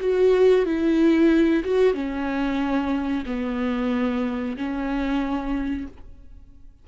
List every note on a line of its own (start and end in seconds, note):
0.00 0.65 F#4
0.65 1.63 E4
1.64 1.93 F#4
1.93 3.24 C#4
3.26 4.56 B3
4.57 5.87 C#4